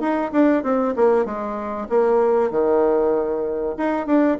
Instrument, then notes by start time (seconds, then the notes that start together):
bassoon
0.00 D#4
0.32 D4
0.63 C4
0.96 A#3
1.25 G#3
1.89 A#3
2.51 D#3
3.77 D#4
4.07 D4